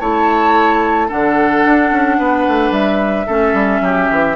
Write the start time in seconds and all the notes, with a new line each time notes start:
0.00 A3 E4 C#5 A5
1.07 D3 D4 A4 F#5
1.65 D4
1.91 C#4
2.19 B3 B4
2.48 A3
2.71 G3 E5
3.26 A3 C#4 A4
3.53 G3
3.81 F#3 G4
4.11 E3